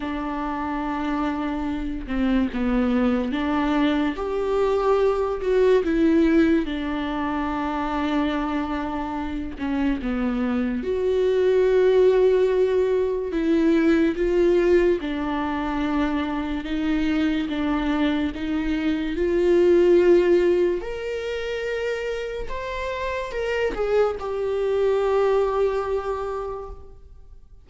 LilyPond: \new Staff \with { instrumentName = "viola" } { \time 4/4 \tempo 4 = 72 d'2~ d'8 c'8 b4 | d'4 g'4. fis'8 e'4 | d'2.~ d'8 cis'8 | b4 fis'2. |
e'4 f'4 d'2 | dis'4 d'4 dis'4 f'4~ | f'4 ais'2 c''4 | ais'8 gis'8 g'2. | }